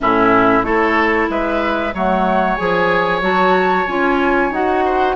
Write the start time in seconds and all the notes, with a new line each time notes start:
0.00 A2 C#4 E4 E5
0.63 A3 E4 A4 C#5
1.29 G#3 B4 E5
1.94 F#3 A3 C#5 F#5
2.55 F3 G#4 G#5
3.21 F#3 F#4 A5
3.87 C#4 F4 G#5
4.51 D#4 F#4 F#5
4.85 C5